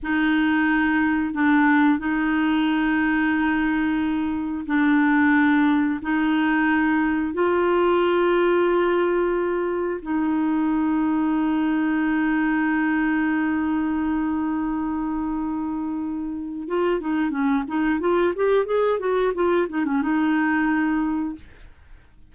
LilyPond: \new Staff \with { instrumentName = "clarinet" } { \time 4/4 \tempo 4 = 90 dis'2 d'4 dis'4~ | dis'2. d'4~ | d'4 dis'2 f'4~ | f'2. dis'4~ |
dis'1~ | dis'1~ | dis'4 f'8 dis'8 cis'8 dis'8 f'8 g'8 | gis'8 fis'8 f'8 dis'16 cis'16 dis'2 | }